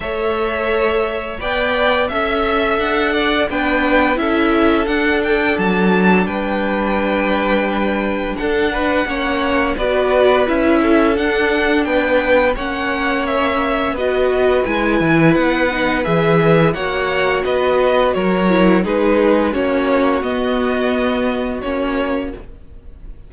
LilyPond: <<
  \new Staff \with { instrumentName = "violin" } { \time 4/4 \tempo 4 = 86 e''2 g''4 e''4 | fis''4 g''4 e''4 fis''8 g''8 | a''4 g''2. | fis''2 d''4 e''4 |
fis''4 g''4 fis''4 e''4 | dis''4 gis''4 fis''4 e''4 | fis''4 dis''4 cis''4 b'4 | cis''4 dis''2 cis''4 | }
  \new Staff \with { instrumentName = "violin" } { \time 4/4 cis''2 d''4 e''4~ | e''8 d''8 b'4 a'2~ | a'4 b'2. | a'8 b'8 cis''4 b'4. a'8~ |
a'4 b'4 cis''2 | b'1 | cis''4 b'4 ais'4 gis'4 | fis'1 | }
  \new Staff \with { instrumentName = "viola" } { \time 4/4 a'2 b'4 a'4~ | a'4 d'4 e'4 d'4~ | d'1~ | d'4 cis'4 fis'4 e'4 |
d'2 cis'2 | fis'4 e'4. dis'8 gis'4 | fis'2~ fis'8 e'8 dis'4 | cis'4 b2 cis'4 | }
  \new Staff \with { instrumentName = "cello" } { \time 4/4 a2 b4 cis'4 | d'4 b4 cis'4 d'4 | fis4 g2. | d'4 ais4 b4 cis'4 |
d'4 b4 ais2 | b4 gis8 e8 b4 e4 | ais4 b4 fis4 gis4 | ais4 b2 ais4 | }
>>